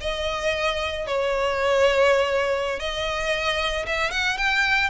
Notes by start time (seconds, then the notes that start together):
0.00 D#5
1.06 C#5
2.79 D#5
3.86 E5
4.11 F#5
4.37 G5